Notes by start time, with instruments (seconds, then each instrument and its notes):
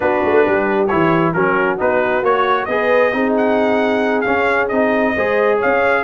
0.00 tuba B3, trombone D4, horn F#4, trumpet B4
0.24 tuba A3
0.43 tuba G3, horn G4
0.87 tuba E3, trombone E4, trumpet C#5
1.33 tuba F#3, trombone C#4, horn F#4, trumpet A#4
1.78 tuba B3, trombone D#4, trumpet B4
2.21 tuba A#3, trombone F#4, trumpet C#5
2.65 tuba B3, trombone G#4, horn B4, trumpet D#5
3.12 tuba C4, trombone D#4, horn G#4
3.37 trumpet F#5
4.21 trombone C#4, tuba C#4, trumpet F5
4.68 tuba C4, trombone D#4, trumpet D#5
5.15 tuba G#3, trombone G#4, horn C5
5.57 horn C#5, trumpet F5
5.64 tuba C#4